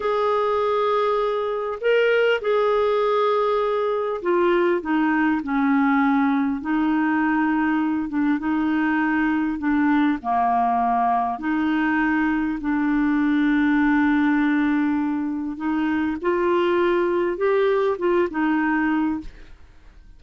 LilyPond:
\new Staff \with { instrumentName = "clarinet" } { \time 4/4 \tempo 4 = 100 gis'2. ais'4 | gis'2. f'4 | dis'4 cis'2 dis'4~ | dis'4. d'8 dis'2 |
d'4 ais2 dis'4~ | dis'4 d'2.~ | d'2 dis'4 f'4~ | f'4 g'4 f'8 dis'4. | }